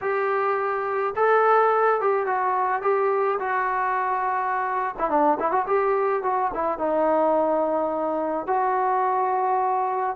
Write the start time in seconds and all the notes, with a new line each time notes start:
0.01 G4
1.16 A4
2.00 G4
2.26 F#4
2.81 G4
3.39 F#4
4.98 E4
5.09 D4
5.39 E4
5.51 F#4
5.67 G4
6.22 F#4
6.54 E4
6.78 D#4
8.46 F#4